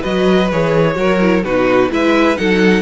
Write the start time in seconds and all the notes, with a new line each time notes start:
0.00 F#3 F#4 B4 D#5
0.51 E3 G#4 C#5
0.95 F#3 F#4 A#4
1.21 E4
1.43 B2 D#4 F#4 B4
1.90 G#3 E4 B4 E5
2.36 F#3 D#4 A4 F#5